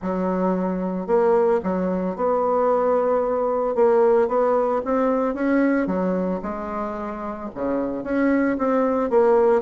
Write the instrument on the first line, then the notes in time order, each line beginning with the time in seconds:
bassoon
0.01 F#3
1.06 A#3
1.63 F#3
2.16 B3
3.75 A#3
4.28 B3
4.85 C4
5.34 C#4
5.87 F#3
6.42 G#3
7.54 C#3
8.03 C#4
8.57 C4
9.10 A#3